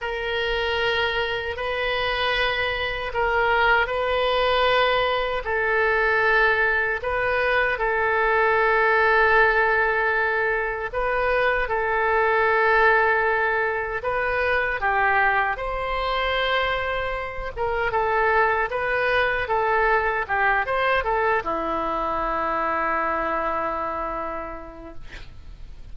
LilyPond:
\new Staff \with { instrumentName = "oboe" } { \time 4/4 \tempo 4 = 77 ais'2 b'2 | ais'4 b'2 a'4~ | a'4 b'4 a'2~ | a'2 b'4 a'4~ |
a'2 b'4 g'4 | c''2~ c''8 ais'8 a'4 | b'4 a'4 g'8 c''8 a'8 e'8~ | e'1 | }